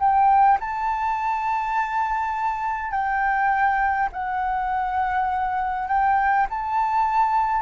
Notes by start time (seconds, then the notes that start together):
0.00 G5
0.60 A5
2.91 G5
4.12 F#5
5.88 G5
6.50 A5